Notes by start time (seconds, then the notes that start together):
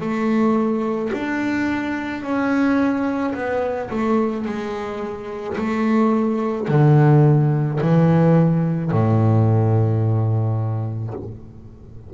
0.00 A3
1.13 D4
2.22 C#4
3.34 B3
3.90 A3
4.45 G#3
5.57 A3
6.68 D3
7.80 E3
8.91 A2